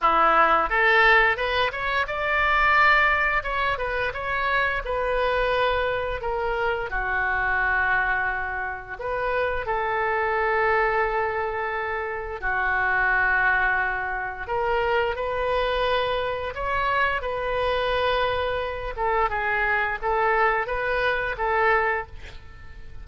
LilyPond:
\new Staff \with { instrumentName = "oboe" } { \time 4/4 \tempo 4 = 87 e'4 a'4 b'8 cis''8 d''4~ | d''4 cis''8 b'8 cis''4 b'4~ | b'4 ais'4 fis'2~ | fis'4 b'4 a'2~ |
a'2 fis'2~ | fis'4 ais'4 b'2 | cis''4 b'2~ b'8 a'8 | gis'4 a'4 b'4 a'4 | }